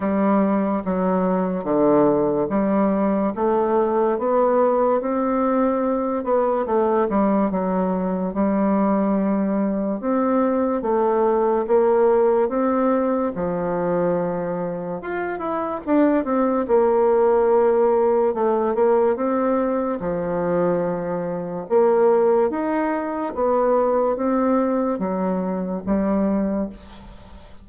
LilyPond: \new Staff \with { instrumentName = "bassoon" } { \time 4/4 \tempo 4 = 72 g4 fis4 d4 g4 | a4 b4 c'4. b8 | a8 g8 fis4 g2 | c'4 a4 ais4 c'4 |
f2 f'8 e'8 d'8 c'8 | ais2 a8 ais8 c'4 | f2 ais4 dis'4 | b4 c'4 fis4 g4 | }